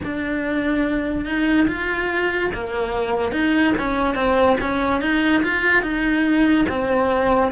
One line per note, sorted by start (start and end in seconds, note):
0.04 1.25 D4
1.25 1.66 D#4
1.67 2.50 F4
2.53 3.31 A#3
3.31 3.73 D#4
3.77 4.14 C#4
4.14 4.56 C4
4.61 5.01 C#4
5.01 5.42 D#4
5.43 5.82 F4
5.82 6.65 D#4
6.68 7.51 C4